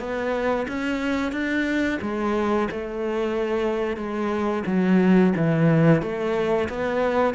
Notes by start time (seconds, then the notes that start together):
0.00 B3
0.68 C#4
1.32 D4
2.02 G#3
2.72 A3
3.97 G#3
4.67 F#3
5.37 E3
6.02 A3
6.70 B3